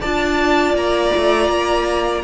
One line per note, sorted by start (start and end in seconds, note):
0.00 0.74 D4
0.00 2.23 F4
0.00 2.22 D5
0.00 0.75 A5
0.74 1.11 A#3
0.74 2.23 A#5
1.16 1.48 A3
1.48 2.22 A#3